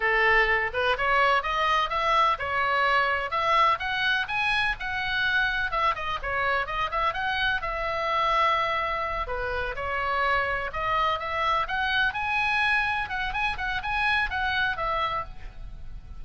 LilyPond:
\new Staff \with { instrumentName = "oboe" } { \time 4/4 \tempo 4 = 126 a'4. b'8 cis''4 dis''4 | e''4 cis''2 e''4 | fis''4 gis''4 fis''2 | e''8 dis''8 cis''4 dis''8 e''8 fis''4 |
e''2.~ e''8 b'8~ | b'8 cis''2 dis''4 e''8~ | e''8 fis''4 gis''2 fis''8 | gis''8 fis''8 gis''4 fis''4 e''4 | }